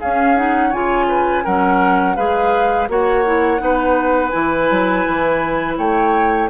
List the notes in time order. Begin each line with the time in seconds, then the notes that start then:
0.00 C#4 G#4 F5
0.36 D#4 F#5
0.69 C#3 F4 C#5 G#5
1.08 B4
1.44 F#3 C#4 A#4 F#5
2.16 G#3 G#4 B4 F5
2.88 A#3 F#4 C#5 F#5
3.25 E4
3.58 B3 D#4 B4
4.29 E3 E4 G#5
4.70 F#3
5.07 E3
5.77 A3 C#5 G5